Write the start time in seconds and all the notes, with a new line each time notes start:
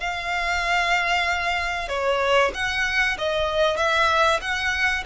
0.00 F5
1.88 C#5
2.54 F#5
3.18 D#5
3.77 E5
4.41 F#5